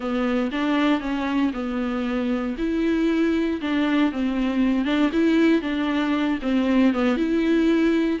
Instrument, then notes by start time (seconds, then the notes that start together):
viola
0.00 B3
0.51 D4
1.00 C#4
1.53 B3
2.58 E4
3.61 D4
4.11 C4
4.84 D4
5.12 E4
5.61 D4
6.41 C4
6.93 B3
7.17 E4